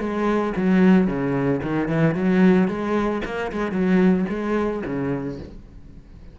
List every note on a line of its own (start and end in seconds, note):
0.00 0.54 G#3
0.57 1.07 F#3
1.07 1.61 C#3
1.62 1.88 D#3
1.88 2.15 E3
2.15 2.68 F#3
2.68 3.22 G#3
3.25 3.52 A#3
3.52 3.72 G#3
3.72 4.26 F#3
4.30 4.83 G#3
4.86 5.39 C#3